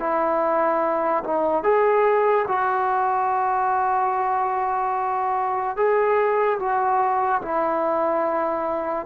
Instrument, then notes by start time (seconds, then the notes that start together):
trombone
0.00 E4
1.24 D#4
1.64 G#4
2.48 F#4
5.76 G#4
6.59 F#4
7.42 E4